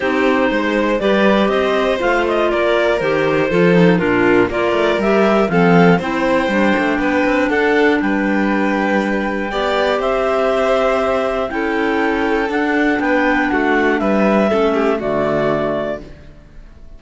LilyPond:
<<
  \new Staff \with { instrumentName = "clarinet" } { \time 4/4 \tempo 4 = 120 c''2 d''4 dis''4 | f''8 dis''8 d''4 c''2 | ais'4 d''4 e''4 f''4 | g''2. fis''4 |
g''1 | e''2. g''4~ | g''4 fis''4 g''4 fis''4 | e''2 d''2 | }
  \new Staff \with { instrumentName = "violin" } { \time 4/4 g'4 c''4 b'4 c''4~ | c''4 ais'2 a'4 | f'4 ais'2 a'4 | c''2 b'4 a'4 |
b'2. d''4 | c''2. a'4~ | a'2 b'4 fis'4 | b'4 a'8 g'8 fis'2 | }
  \new Staff \with { instrumentName = "clarinet" } { \time 4/4 dis'2 g'2 | f'2 g'4 f'8 dis'8 | d'4 f'4 g'4 c'4 | e'4 d'2.~ |
d'2. g'4~ | g'2. e'4~ | e'4 d'2.~ | d'4 cis'4 a2 | }
  \new Staff \with { instrumentName = "cello" } { \time 4/4 c'4 gis4 g4 c'4 | a4 ais4 dis4 f4 | ais,4 ais8 a8 g4 f4 | c'4 g8 a8 b8 c'8 d'4 |
g2. b4 | c'2. cis'4~ | cis'4 d'4 b4 a4 | g4 a4 d2 | }
>>